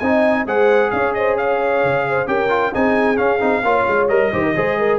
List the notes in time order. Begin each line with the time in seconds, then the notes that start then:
0.00 C4 D#4 D#5 G#5
0.46 G#3 G#4 C5 F#5
0.91 C#4 C#5 F5
1.14 C5 D#5
1.38 C#5 F5
1.84 C#3
2.09 C5
2.27 C#4 G4 A#4 G5
2.49 F4
2.74 C4 D#4 G#4 G#5
3.17 C#4 F5
3.40 C4 D#4
3.63 A#3 F4 C#5
3.88 G#3
4.09 G3 A#4 D#5
4.33 D#3 G4 C5
4.43 A#4
4.56 G#3 G#4 C5
4.79 A#4